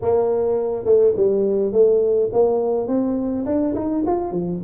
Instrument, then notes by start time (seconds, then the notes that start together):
tuba
0.01 A#3
0.85 A3
1.16 G3
1.72 A3
2.32 A#3
2.87 C4
3.45 D4
3.74 D#4
4.06 F4
4.31 F3